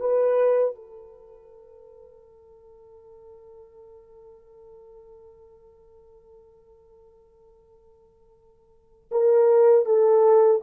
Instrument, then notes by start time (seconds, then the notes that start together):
horn
0.00 B4
0.75 A4
9.12 A#4
9.86 A4